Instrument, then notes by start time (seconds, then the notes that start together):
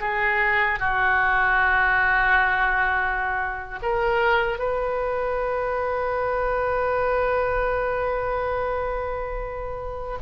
oboe
0.00 G#4
0.80 F#4
3.82 A#4
4.59 B4